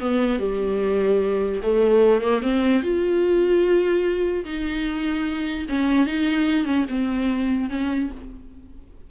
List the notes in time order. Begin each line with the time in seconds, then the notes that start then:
0.00 B3
0.39 G3
1.63 A3
2.21 A#3
2.42 C4
2.82 F4
4.45 D#4
5.69 C#4
6.06 D#4
6.65 C#4
6.89 C4
7.70 C#4